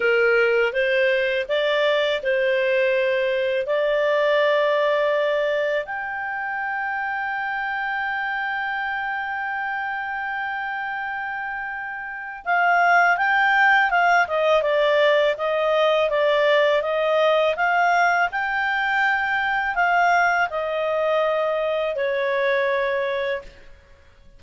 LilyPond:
\new Staff \with { instrumentName = "clarinet" } { \time 4/4 \tempo 4 = 82 ais'4 c''4 d''4 c''4~ | c''4 d''2. | g''1~ | g''1~ |
g''4 f''4 g''4 f''8 dis''8 | d''4 dis''4 d''4 dis''4 | f''4 g''2 f''4 | dis''2 cis''2 | }